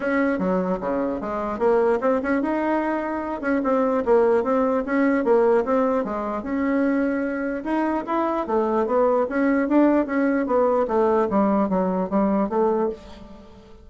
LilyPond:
\new Staff \with { instrumentName = "bassoon" } { \time 4/4 \tempo 4 = 149 cis'4 fis4 cis4 gis4 | ais4 c'8 cis'8 dis'2~ | dis'8 cis'8 c'4 ais4 c'4 | cis'4 ais4 c'4 gis4 |
cis'2. dis'4 | e'4 a4 b4 cis'4 | d'4 cis'4 b4 a4 | g4 fis4 g4 a4 | }